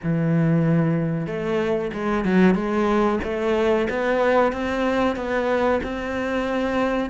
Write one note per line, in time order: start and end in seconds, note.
0.03 1.26 E3
1.26 1.91 A3
1.93 2.25 G#3
2.25 2.54 F#3
2.54 3.19 G#3
3.23 3.88 A3
3.89 4.52 B3
4.52 5.16 C4
5.16 5.80 B3
5.83 7.09 C4